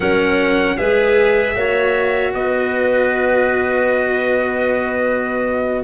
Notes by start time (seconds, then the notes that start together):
0.00 F#3 C#4 A#4 F#5
0.77 G#3 G#4 B4 E5
1.55 A#3 F#4 C#5
2.33 B3 B4 D#5